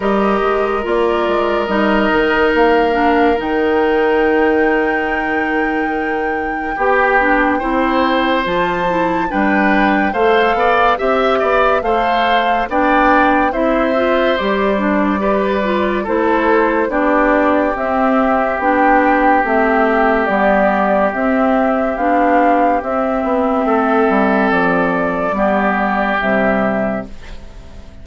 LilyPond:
<<
  \new Staff \with { instrumentName = "flute" } { \time 4/4 \tempo 4 = 71 dis''4 d''4 dis''4 f''4 | g''1~ | g''2 a''4 g''4 | f''4 e''4 f''4 g''4 |
e''4 d''2 c''4 | d''4 e''4 g''4 e''4 | d''4 e''4 f''4 e''4~ | e''4 d''2 e''4 | }
  \new Staff \with { instrumentName = "oboe" } { \time 4/4 ais'1~ | ais'1 | g'4 c''2 b'4 | c''8 d''8 e''8 d''8 c''4 d''4 |
c''2 b'4 a'4 | g'1~ | g'1 | a'2 g'2 | }
  \new Staff \with { instrumentName = "clarinet" } { \time 4/4 g'4 f'4 dis'4. d'8 | dis'1 | g'8 d'8 e'4 f'8 e'8 d'4 | a'4 g'4 a'4 d'4 |
e'8 f'8 g'8 d'8 g'8 f'8 e'4 | d'4 c'4 d'4 c'4 | b4 c'4 d'4 c'4~ | c'2 b4 g4 | }
  \new Staff \with { instrumentName = "bassoon" } { \time 4/4 g8 gis8 ais8 gis8 g8 dis8 ais4 | dis1 | b4 c'4 f4 g4 | a8 b8 c'8 b8 a4 b4 |
c'4 g2 a4 | b4 c'4 b4 a4 | g4 c'4 b4 c'8 b8 | a8 g8 f4 g4 c4 | }
>>